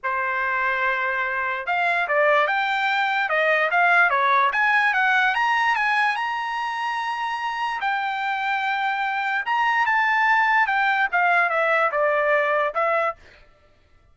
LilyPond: \new Staff \with { instrumentName = "trumpet" } { \time 4/4 \tempo 4 = 146 c''1 | f''4 d''4 g''2 | dis''4 f''4 cis''4 gis''4 | fis''4 ais''4 gis''4 ais''4~ |
ais''2. g''4~ | g''2. ais''4 | a''2 g''4 f''4 | e''4 d''2 e''4 | }